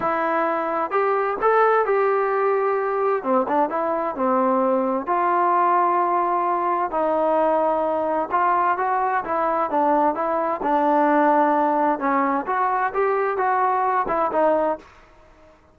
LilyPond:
\new Staff \with { instrumentName = "trombone" } { \time 4/4 \tempo 4 = 130 e'2 g'4 a'4 | g'2. c'8 d'8 | e'4 c'2 f'4~ | f'2. dis'4~ |
dis'2 f'4 fis'4 | e'4 d'4 e'4 d'4~ | d'2 cis'4 fis'4 | g'4 fis'4. e'8 dis'4 | }